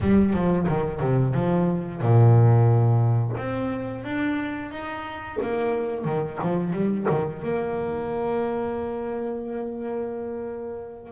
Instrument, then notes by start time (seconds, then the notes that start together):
double bass
0.00 G3
0.33 F3
0.67 D#3
1.00 C3
1.34 F3
2.01 A#2
3.37 C4
4.04 D4
4.71 D#4
5.41 A#3
6.04 D#3
6.42 F3
6.72 G3
7.09 D#3
7.42 A#3